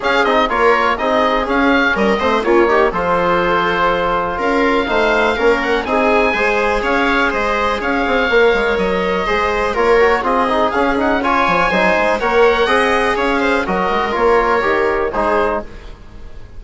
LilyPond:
<<
  \new Staff \with { instrumentName = "oboe" } { \time 4/4 \tempo 4 = 123 f''8 dis''8 cis''4 dis''4 f''4 | dis''4 cis''4 c''2~ | c''4 f''2~ f''8 fis''8 | gis''2 f''4 dis''4 |
f''2 dis''2 | cis''4 dis''4 f''8 fis''8 gis''4~ | gis''4 fis''2 f''4 | dis''4 cis''2 c''4 | }
  \new Staff \with { instrumentName = "viola" } { \time 4/4 gis'4 ais'4 gis'2 | ais'8 c''8 f'8 g'8 a'2~ | a'4 ais'4 c''4 ais'4 | gis'4 c''4 cis''4 c''4 |
cis''2. c''4 | ais'4 gis'2 cis''4 | c''4 cis''4 dis''4 cis''8 c''8 | ais'2. gis'4 | }
  \new Staff \with { instrumentName = "trombone" } { \time 4/4 cis'8 dis'8 f'4 dis'4 cis'4~ | cis'8 c'8 cis'8 dis'8 f'2~ | f'2 dis'4 cis'4 | dis'4 gis'2.~ |
gis'4 ais'2 gis'4 | f'8 fis'8 f'8 dis'8 cis'8 dis'8 f'4 | dis'4 ais'4 gis'2 | fis'4 f'4 g'4 dis'4 | }
  \new Staff \with { instrumentName = "bassoon" } { \time 4/4 cis'8 c'8 ais4 c'4 cis'4 | g8 a8 ais4 f2~ | f4 cis'4 a4 ais4 | c'4 gis4 cis'4 gis4 |
cis'8 c'8 ais8 gis8 fis4 gis4 | ais4 c'4 cis'4. f8 | fis8 gis8 ais4 c'4 cis'4 | fis8 gis8 ais4 dis4 gis4 | }
>>